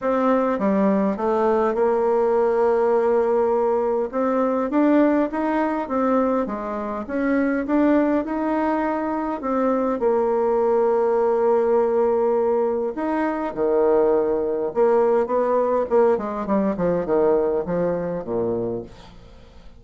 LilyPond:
\new Staff \with { instrumentName = "bassoon" } { \time 4/4 \tempo 4 = 102 c'4 g4 a4 ais4~ | ais2. c'4 | d'4 dis'4 c'4 gis4 | cis'4 d'4 dis'2 |
c'4 ais2.~ | ais2 dis'4 dis4~ | dis4 ais4 b4 ais8 gis8 | g8 f8 dis4 f4 ais,4 | }